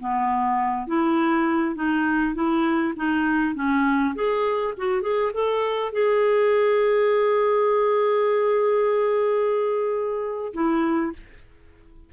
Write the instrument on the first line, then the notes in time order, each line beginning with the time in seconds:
clarinet
0.00 B3
0.87 E4
1.76 D#4
2.35 E4
2.96 D#4
3.55 C#4
4.15 G#4
4.78 F#4
5.03 G#4
5.34 A4
5.93 G#4
10.54 E4